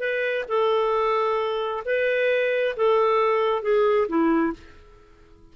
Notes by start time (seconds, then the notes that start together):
0.00 B4
0.49 A4
1.86 B4
2.77 A4
3.63 G#4
4.09 E4